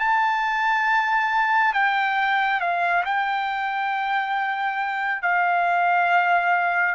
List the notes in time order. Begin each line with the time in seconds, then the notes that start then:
0.00 A5
1.74 G5
2.61 F5
3.05 G5
5.23 F5